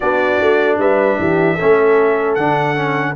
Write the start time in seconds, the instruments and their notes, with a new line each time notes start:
0.00 tuba B3, trombone D4, horn F#4, trumpet D5
0.41 tuba A3
0.78 tuba G3, horn B4, trumpet E5
1.19 tuba E3, horn G4
1.54 trombone C#4, horn A4
1.62 tuba A3
2.34 tuba D3, trombone D4, trumpet F#5
2.75 trombone C#4